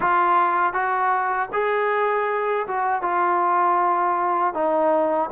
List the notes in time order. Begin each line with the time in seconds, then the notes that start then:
0.00 F4
0.72 F#4
1.53 G#4
2.67 F#4
3.02 F4
4.54 D#4